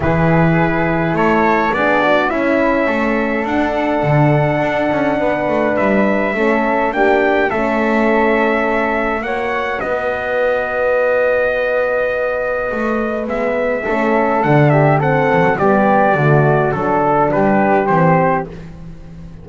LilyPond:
<<
  \new Staff \with { instrumentName = "trumpet" } { \time 4/4 \tempo 4 = 104 b'2 cis''4 d''4 | e''2 fis''2~ | fis''2 e''2 | g''4 e''2. |
fis''4 dis''2.~ | dis''2. e''4~ | e''4 fis''8 e''8 fis''4 d''4~ | d''4 a'4 b'4 c''4 | }
  \new Staff \with { instrumentName = "flute" } { \time 4/4 gis'2 a'4 gis'8 fis'8 | e'4 a'2.~ | a'4 b'2 a'4 | g'4 a'2. |
cis''4 b'2.~ | b'1 | a'4. g'8 a'4 g'4 | fis'4 a'4 g'2 | }
  \new Staff \with { instrumentName = "horn" } { \time 4/4 e'2. d'4 | cis'2 d'2~ | d'2. cis'4 | d'4 cis'2. |
fis'1~ | fis'2. b4 | cis'4 d'4 c'4 b4 | a4 d'2 c'4 | }
  \new Staff \with { instrumentName = "double bass" } { \time 4/4 e2 a4 b4 | cis'4 a4 d'4 d4 | d'8 cis'8 b8 a8 g4 a4 | ais4 a2. |
ais4 b2.~ | b2 a4 gis4 | a4 d4. e16 fis16 g4 | d4 fis4 g4 e4 | }
>>